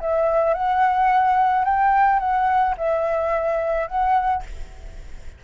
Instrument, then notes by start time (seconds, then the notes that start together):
flute
0.00 E5
0.54 F#5
1.64 G5
2.19 F#5
2.77 E5
3.87 F#5